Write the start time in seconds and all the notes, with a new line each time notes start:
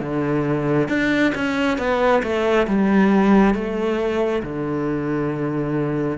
0.00 D3
0.88 D4
1.34 C#4
1.78 B3
2.23 A3
2.67 G3
3.54 A3
4.42 D3